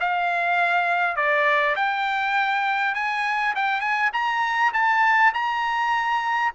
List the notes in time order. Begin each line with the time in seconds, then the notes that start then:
0.00 F5
1.16 D5
1.76 G5
2.95 G#5
3.55 G5
3.80 G#5
4.13 A#5
4.73 A5
5.34 A#5